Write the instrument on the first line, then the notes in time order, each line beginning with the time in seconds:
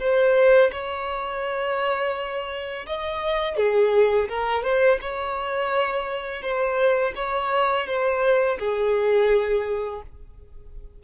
violin
0.00 C5
0.72 C#5
2.87 D#5
3.57 G#4
4.29 A#4
4.64 C5
5.02 C#5
6.43 C5
7.16 C#5
7.87 C5
8.59 G#4